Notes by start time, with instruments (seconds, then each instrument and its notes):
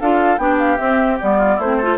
0.00 bassoon D4, clarinet F4, oboe A4, flute F5
0.37 bassoon B3, clarinet D4, oboe G4, flute G5
0.58 flute F5
0.77 clarinet C4, bassoon C4, flute E5
1.20 bassoon G3, clarinet B3, flute D5
1.37 oboe F4
1.56 bassoon A3, oboe E4, flute C5
1.63 clarinet C4
1.77 clarinet F4, oboe A4